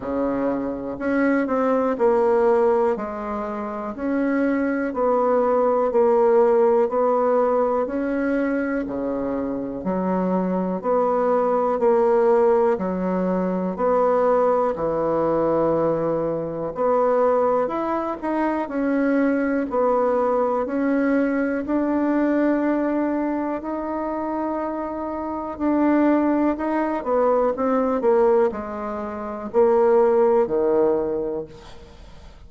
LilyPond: \new Staff \with { instrumentName = "bassoon" } { \time 4/4 \tempo 4 = 61 cis4 cis'8 c'8 ais4 gis4 | cis'4 b4 ais4 b4 | cis'4 cis4 fis4 b4 | ais4 fis4 b4 e4~ |
e4 b4 e'8 dis'8 cis'4 | b4 cis'4 d'2 | dis'2 d'4 dis'8 b8 | c'8 ais8 gis4 ais4 dis4 | }